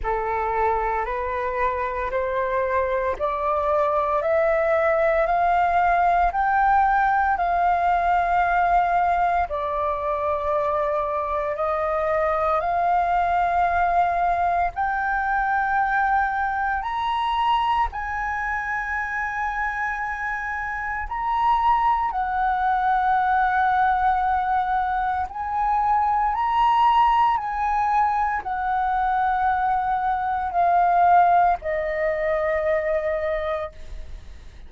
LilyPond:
\new Staff \with { instrumentName = "flute" } { \time 4/4 \tempo 4 = 57 a'4 b'4 c''4 d''4 | e''4 f''4 g''4 f''4~ | f''4 d''2 dis''4 | f''2 g''2 |
ais''4 gis''2. | ais''4 fis''2. | gis''4 ais''4 gis''4 fis''4~ | fis''4 f''4 dis''2 | }